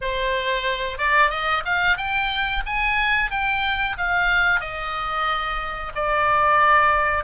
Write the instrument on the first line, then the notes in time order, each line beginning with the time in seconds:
oboe
0.01 C5
0.97 D5
1.30 D#5
1.65 F5
1.97 G5
2.66 G#5
3.30 G5
3.97 F5
4.60 D#5
5.95 D5